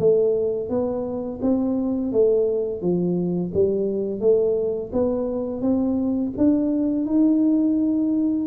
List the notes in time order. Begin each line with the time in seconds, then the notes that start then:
0.00 A3
0.70 B3
1.42 C4
2.13 A3
2.82 F3
3.54 G3
4.21 A3
4.93 B3
5.62 C4
6.38 D4
7.06 D#4